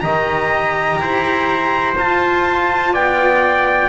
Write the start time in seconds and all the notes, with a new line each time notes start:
0.00 D#3 G4 D#5 A#5
1.00 E4 C5
1.97 F4 A5
2.93 B3 D5 G5